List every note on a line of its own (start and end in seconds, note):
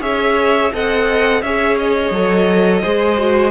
0.00 0.71 C#4
0.00 0.71 G#4
0.00 0.72 C#5
0.00 0.72 E5
0.73 1.42 C4
0.73 1.43 A4
0.73 1.43 D#5
0.73 1.42 F#5
1.42 2.10 C#4
1.42 2.13 G#4
1.42 2.82 C#5
1.42 1.77 E5
1.78 3.51 D#5
2.10 2.81 F#3
2.10 2.82 A4
2.82 3.51 G#3
2.82 3.17 G#4
2.82 3.51 C5
3.18 3.51 F#4